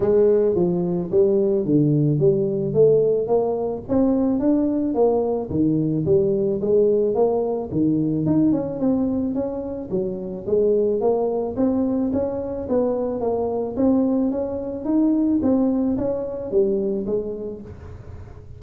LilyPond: \new Staff \with { instrumentName = "tuba" } { \time 4/4 \tempo 4 = 109 gis4 f4 g4 d4 | g4 a4 ais4 c'4 | d'4 ais4 dis4 g4 | gis4 ais4 dis4 dis'8 cis'8 |
c'4 cis'4 fis4 gis4 | ais4 c'4 cis'4 b4 | ais4 c'4 cis'4 dis'4 | c'4 cis'4 g4 gis4 | }